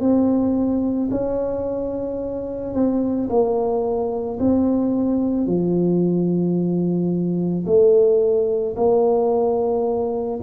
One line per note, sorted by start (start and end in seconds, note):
0.00 1.09 C4
1.11 2.74 C#4
2.74 3.28 C4
3.29 4.38 A#3
4.39 5.46 C4
5.46 7.65 F3
7.66 8.75 A3
8.76 10.39 A#3